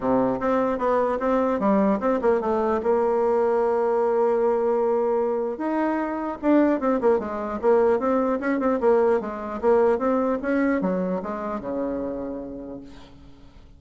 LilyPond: \new Staff \with { instrumentName = "bassoon" } { \time 4/4 \tempo 4 = 150 c4 c'4 b4 c'4 | g4 c'8 ais8 a4 ais4~ | ais1~ | ais2 dis'2 |
d'4 c'8 ais8 gis4 ais4 | c'4 cis'8 c'8 ais4 gis4 | ais4 c'4 cis'4 fis4 | gis4 cis2. | }